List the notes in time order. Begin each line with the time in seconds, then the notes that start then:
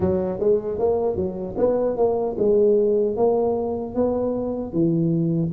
0.00 F#3
0.39 G#3
0.79 A#3
1.16 F#3
1.57 B3
1.96 A#3
2.38 G#3
3.16 A#3
3.95 B3
4.72 E3